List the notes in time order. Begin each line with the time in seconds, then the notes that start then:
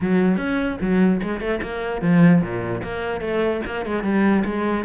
0.01 F#3
0.37 C#4
0.80 F#3
1.22 G#3
1.40 A3
1.62 A#3
2.01 F3
2.42 A#2
2.83 A#3
3.20 A3
3.66 A#3
3.85 G#3
4.03 G3
4.44 G#3